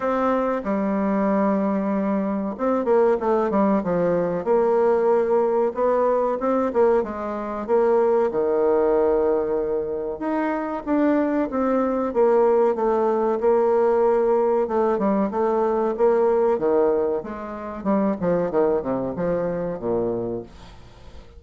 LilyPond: \new Staff \with { instrumentName = "bassoon" } { \time 4/4 \tempo 4 = 94 c'4 g2. | c'8 ais8 a8 g8 f4 ais4~ | ais4 b4 c'8 ais8 gis4 | ais4 dis2. |
dis'4 d'4 c'4 ais4 | a4 ais2 a8 g8 | a4 ais4 dis4 gis4 | g8 f8 dis8 c8 f4 ais,4 | }